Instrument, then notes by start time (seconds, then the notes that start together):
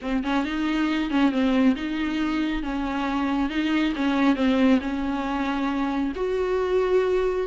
viola
0.01 C4
0.23 C#4
0.45 D#4
1.10 C#4
1.31 C4
1.75 D#4
2.62 C#4
3.49 D#4
3.95 C#4
4.35 C4
4.81 C#4
6.15 F#4